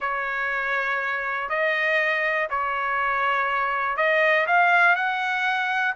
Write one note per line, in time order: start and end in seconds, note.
0.00 1.49 C#5
1.49 2.48 D#5
2.50 3.96 C#5
3.96 4.46 D#5
4.46 4.95 F5
4.95 5.94 F#5